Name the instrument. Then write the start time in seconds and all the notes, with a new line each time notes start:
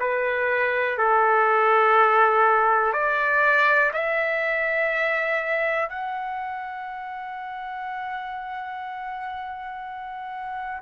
trumpet
0.00 B4
0.98 A4
2.93 D5
3.93 E5
5.90 F#5